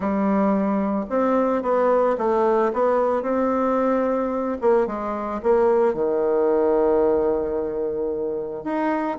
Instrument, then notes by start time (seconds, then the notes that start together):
bassoon
0.00 G3
1.09 C4
1.62 B3
2.17 A3
2.73 B3
3.22 C4
4.61 A#3
4.86 G#3
5.42 A#3
5.93 D#3
8.64 D#4